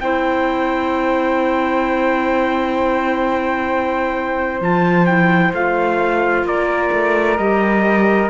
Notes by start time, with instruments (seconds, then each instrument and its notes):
0.00 cello C4, clarinet E4, flute C5, trumpet G5
4.60 cello F3, clarinet F4, trumpet A5
5.06 clarinet E4, trumpet G5
5.53 cello A3, clarinet F4, trumpet F5
6.43 cello A#3, flute A#4, trumpet D5
6.92 cello A3
7.38 cello G3, clarinet G4, trumpet D#5